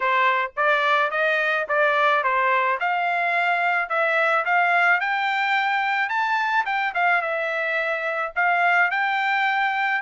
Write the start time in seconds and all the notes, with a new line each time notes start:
0.00 C5
0.56 D5
1.10 D#5
1.68 D5
2.23 C5
2.80 F5
3.89 E5
4.45 F5
5.00 G5
6.09 A5
6.65 G5
6.94 F5
7.21 E5
8.35 F5
8.90 G5